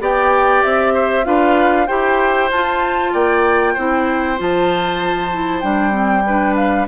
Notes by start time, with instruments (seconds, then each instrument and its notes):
0.00 bassoon B3, clarinet G4, oboe D5, flute G5
0.63 bassoon C4, flute E5
0.94 oboe C5
1.24 bassoon D4, clarinet F4, oboe B4, flute F5
1.87 bassoon E4, clarinet G4, oboe C5, flute G5
2.51 bassoon F4, clarinet F4, flute A5
3.12 bassoon A#3, oboe D5, flute G5
3.74 bassoon C4, clarinet E4, oboe C5
4.37 bassoon F3, clarinet F4, flute A5
5.32 clarinet E4
5.60 bassoon G3, clarinet D4, flute G5
5.91 clarinet C4
6.26 clarinet D4, oboe B4
6.55 flute F5